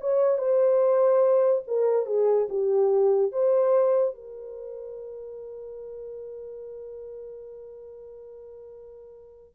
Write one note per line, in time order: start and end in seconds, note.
0.00 0.37 C#5
0.37 1.62 C5
1.67 2.06 A#4
2.06 2.47 G#4
2.49 3.31 G4
3.31 4.14 C5
4.14 9.55 A#4